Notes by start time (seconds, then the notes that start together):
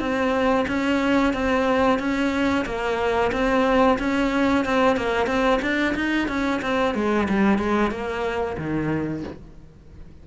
0.00 C4
0.68 C#4
1.34 C4
2.00 C#4
2.66 A#3
3.33 C4
4.00 C#4
4.66 C4
4.97 A#3
5.27 C4
5.62 D4
5.96 D#4
6.29 C#4
6.62 C4
6.95 G#3
7.29 G3
7.59 G#3
7.91 A#3
8.58 D#3